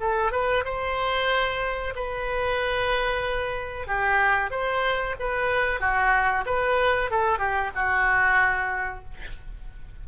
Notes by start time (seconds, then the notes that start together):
0.00 A4
0.31 B4
0.64 C5
1.95 B4
3.87 G4
4.50 C5
5.19 B4
5.80 F#4
6.45 B4
7.10 A4
7.38 G4
7.75 F#4